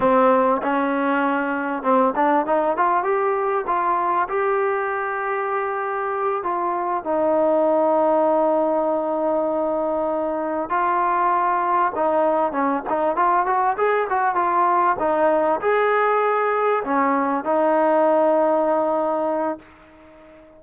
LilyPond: \new Staff \with { instrumentName = "trombone" } { \time 4/4 \tempo 4 = 98 c'4 cis'2 c'8 d'8 | dis'8 f'8 g'4 f'4 g'4~ | g'2~ g'8 f'4 dis'8~ | dis'1~ |
dis'4. f'2 dis'8~ | dis'8 cis'8 dis'8 f'8 fis'8 gis'8 fis'8 f'8~ | f'8 dis'4 gis'2 cis'8~ | cis'8 dis'2.~ dis'8 | }